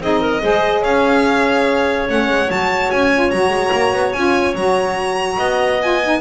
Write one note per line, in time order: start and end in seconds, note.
0.00 0.41 C4
0.00 0.42 D#4
0.00 0.20 G#4
0.00 0.83 D#5
0.20 0.41 A#4
0.42 0.84 G#3
0.42 2.08 G#4
0.42 0.81 C5
0.81 2.08 C#4
0.81 5.36 C#5
0.81 2.07 F5
2.08 2.28 A3
2.08 2.48 C#4
2.08 2.50 F#5
2.28 2.49 G#3
2.48 2.91 F#3
2.48 3.10 F#4
2.48 2.91 A5
2.91 3.31 C#4
2.91 3.30 G#5
3.13 3.32 F4
3.30 3.49 F#3
3.30 4.15 F#4
3.30 4.12 A#5
3.49 3.69 G#3
3.72 3.92 A#3
3.92 4.13 B3
4.12 4.54 C#4
4.12 4.55 F4
4.12 4.54 G#5
4.54 5.37 F#3
4.54 5.79 F#4
4.54 5.80 A#5
5.37 6.21 B3
5.37 6.19 D#5
5.80 6.01 F4
5.80 6.21 G#5
6.03 6.21 D#4